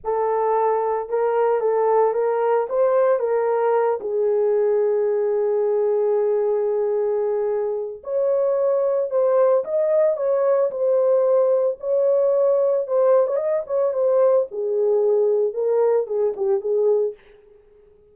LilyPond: \new Staff \with { instrumentName = "horn" } { \time 4/4 \tempo 4 = 112 a'2 ais'4 a'4 | ais'4 c''4 ais'4. gis'8~ | gis'1~ | gis'2. cis''4~ |
cis''4 c''4 dis''4 cis''4 | c''2 cis''2 | c''8. cis''16 dis''8 cis''8 c''4 gis'4~ | gis'4 ais'4 gis'8 g'8 gis'4 | }